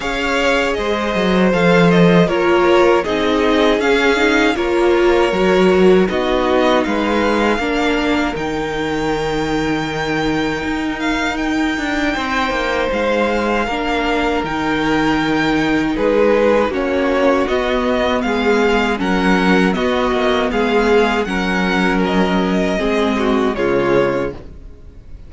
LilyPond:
<<
  \new Staff \with { instrumentName = "violin" } { \time 4/4 \tempo 4 = 79 f''4 dis''4 f''8 dis''8 cis''4 | dis''4 f''4 cis''2 | dis''4 f''2 g''4~ | g''2~ g''8 f''8 g''4~ |
g''4 f''2 g''4~ | g''4 b'4 cis''4 dis''4 | f''4 fis''4 dis''4 f''4 | fis''4 dis''2 cis''4 | }
  \new Staff \with { instrumentName = "violin" } { \time 4/4 cis''4 c''2 ais'4 | gis'2 ais'2 | fis'4 b'4 ais'2~ | ais'1 |
c''2 ais'2~ | ais'4 gis'4 fis'2 | gis'4 ais'4 fis'4 gis'4 | ais'2 gis'8 fis'8 f'4 | }
  \new Staff \with { instrumentName = "viola" } { \time 4/4 gis'2 a'4 f'4 | dis'4 cis'8 dis'8 f'4 fis'4 | dis'2 d'4 dis'4~ | dis'1~ |
dis'2 d'4 dis'4~ | dis'2 cis'4 b4~ | b4 cis'4 b2 | cis'2 c'4 gis4 | }
  \new Staff \with { instrumentName = "cello" } { \time 4/4 cis'4 gis8 fis8 f4 ais4 | c'4 cis'4 ais4 fis4 | b4 gis4 ais4 dis4~ | dis2 dis'4. d'8 |
c'8 ais8 gis4 ais4 dis4~ | dis4 gis4 ais4 b4 | gis4 fis4 b8 ais8 gis4 | fis2 gis4 cis4 | }
>>